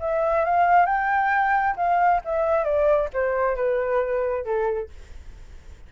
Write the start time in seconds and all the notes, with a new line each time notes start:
0.00 E5
0.45 F5
0.86 G5
1.76 F5
2.25 E5
2.64 D5
3.14 C5
3.56 B4
4.45 A4